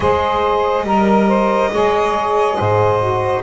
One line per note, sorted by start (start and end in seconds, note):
0.00 0.83 G#3
0.00 0.86 G#4
0.00 0.85 C5
0.00 3.42 D#5
0.83 1.69 G3
0.83 1.27 A#4
0.83 1.71 A#4
1.27 1.70 C5
1.72 2.59 G#3
1.72 3.00 G#4
1.72 2.58 C#5
2.58 3.43 G#2
2.58 3.43 C5
3.00 3.42 F#4